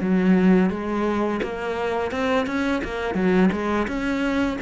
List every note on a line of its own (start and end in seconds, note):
0.00 0.69 F#3
0.69 1.40 G#3
1.42 2.11 A#3
2.11 2.46 C4
2.46 2.81 C#4
2.84 3.14 A#3
3.14 3.49 F#3
3.51 3.87 G#3
3.87 4.58 C#4